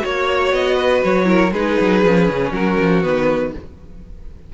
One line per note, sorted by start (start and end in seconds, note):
0.00 0.52 A#3
0.00 1.25 F#4
0.00 0.75 C#5
0.00 0.53 C#5
0.52 1.02 B3
0.52 1.03 D#5
0.75 1.25 B4
1.04 1.52 F#3
1.04 1.53 C#5
1.25 1.50 E4
1.25 1.52 A#4
1.52 1.77 G#3
1.52 2.05 D#4
1.52 2.52 G#4
1.52 2.53 B4
1.80 2.04 F#3
2.04 2.29 F3
2.04 3.03 C#4
2.29 2.52 C#3
2.52 2.77 F#3
2.52 3.53 F#4
2.52 3.03 A#4
2.80 3.04 F3
3.03 3.54 D#3
3.03 3.53 B3
3.03 3.53 B4